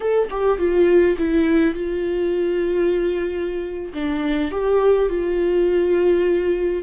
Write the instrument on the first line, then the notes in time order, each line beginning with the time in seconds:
viola
0.00 A4
0.30 G4
0.58 F4
1.18 E4
1.74 F4
3.93 D4
4.51 G4
5.09 F4